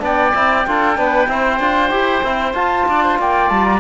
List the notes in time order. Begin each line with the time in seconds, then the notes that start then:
0.00 B3 D4 D5 G5
0.35 C4 E4
0.67 D4 F4 A4
0.96 B3 D4 B4
1.28 C4 E4 C5
1.60 D4 F4
1.91 E4 G4
2.24 C4 E4
2.54 F4 A5
2.89 D4 D5
3.04 C5
3.19 A#3 D5 G5
3.49 G3 A5
3.64 A#5